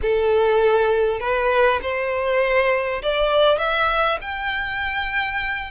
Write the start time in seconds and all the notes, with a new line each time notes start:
0.02 A4
1.20 B4
1.81 C5
3.02 D5
3.58 E5
4.21 G5